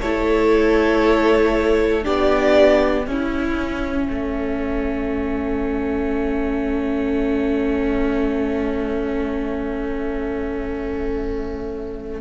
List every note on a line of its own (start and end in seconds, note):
0.00 2.06 A3
0.00 2.02 E4
0.00 2.03 A4
0.00 2.03 C#5
2.02 3.07 B3
2.02 3.04 D4
2.02 3.05 G4
2.02 3.05 D5
3.05 4.08 C#4
3.05 12.20 C#4
3.05 4.10 E4
3.05 12.20 E5
4.10 12.20 A3
4.10 12.20 A4